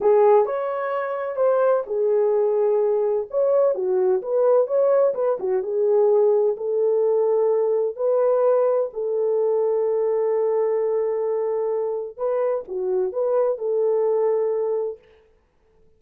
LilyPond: \new Staff \with { instrumentName = "horn" } { \time 4/4 \tempo 4 = 128 gis'4 cis''2 c''4 | gis'2. cis''4 | fis'4 b'4 cis''4 b'8 fis'8 | gis'2 a'2~ |
a'4 b'2 a'4~ | a'1~ | a'2 b'4 fis'4 | b'4 a'2. | }